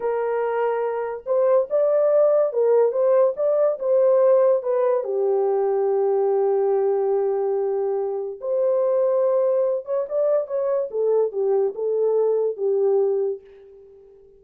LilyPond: \new Staff \with { instrumentName = "horn" } { \time 4/4 \tempo 4 = 143 ais'2. c''4 | d''2 ais'4 c''4 | d''4 c''2 b'4 | g'1~ |
g'1 | c''2.~ c''8 cis''8 | d''4 cis''4 a'4 g'4 | a'2 g'2 | }